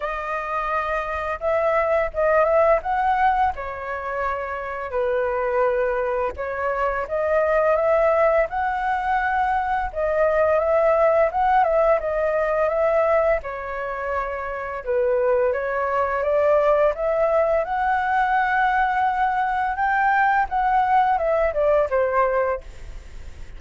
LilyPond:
\new Staff \with { instrumentName = "flute" } { \time 4/4 \tempo 4 = 85 dis''2 e''4 dis''8 e''8 | fis''4 cis''2 b'4~ | b'4 cis''4 dis''4 e''4 | fis''2 dis''4 e''4 |
fis''8 e''8 dis''4 e''4 cis''4~ | cis''4 b'4 cis''4 d''4 | e''4 fis''2. | g''4 fis''4 e''8 d''8 c''4 | }